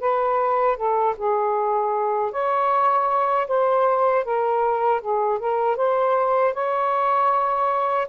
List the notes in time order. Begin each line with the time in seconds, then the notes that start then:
0.00 B4
0.77 A4
1.17 G#4
2.31 C#5
3.48 C5
4.24 A#4
5.01 G#4
5.39 A#4
5.77 C5
6.54 C#5